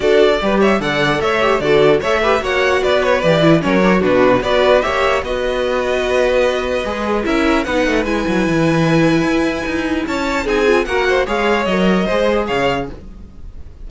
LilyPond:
<<
  \new Staff \with { instrumentName = "violin" } { \time 4/4 \tempo 4 = 149 d''4. e''8 fis''4 e''4 | d''4 e''4 fis''4 d''8 cis''8 | d''4 cis''4 b'4 d''4 | e''4 dis''2.~ |
dis''2 e''4 fis''4 | gis''1~ | gis''4 a''4 gis''4 fis''4 | f''4 dis''2 f''4 | }
  \new Staff \with { instrumentName = "violin" } { \time 4/4 a'4 b'8 cis''8 d''4 cis''4 | a'4 cis''8 b'8 cis''4 b'4~ | b'4 ais'4 fis'4 b'4 | cis''4 b'2.~ |
b'2 ais'4 b'4~ | b'1~ | b'4 cis''4 gis'4 ais'8 c''8 | cis''2 c''4 cis''4 | }
  \new Staff \with { instrumentName = "viola" } { \time 4/4 fis'4 g'4 a'4. g'8 | fis'4 a'8 g'8 fis'2 | g'8 e'8 cis'8 d'16 fis'16 d'4 fis'4 | g'4 fis'2.~ |
fis'4 gis'4 e'4 dis'4 | e'1~ | e'2 dis'8 f'8 fis'4 | gis'4 ais'4 gis'2 | }
  \new Staff \with { instrumentName = "cello" } { \time 4/4 d'4 g4 d4 a4 | d4 a4 ais4 b4 | e4 fis4 b,4 b4 | ais4 b2.~ |
b4 gis4 cis'4 b8 a8 | gis8 fis8 e2 e'4 | dis'4 cis'4 c'4 ais4 | gis4 fis4 gis4 cis4 | }
>>